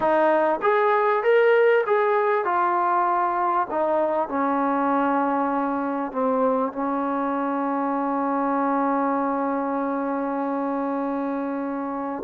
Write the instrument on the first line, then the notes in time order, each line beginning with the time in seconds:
trombone
0.00 D#4
0.62 G#4
1.23 A#4
1.86 G#4
2.44 F4
3.70 D#4
4.28 C#4
6.12 C4
6.72 C#4